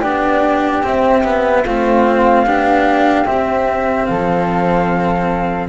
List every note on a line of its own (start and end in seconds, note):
0.00 0.84 B3
0.00 0.83 D4
0.00 1.62 G4
0.00 0.82 D5
0.83 1.23 C4
0.83 1.67 C4
0.83 1.66 E5
1.24 1.64 B3
1.64 2.45 A3
1.64 2.46 C4
1.64 2.45 F4
1.64 3.27 F5
2.45 3.26 B3
2.45 3.25 D4
2.45 4.08 G4
3.25 5.68 C4
3.25 4.09 C4
3.25 4.05 E5
4.05 5.69 F3
4.05 5.69 A4
4.05 5.68 F5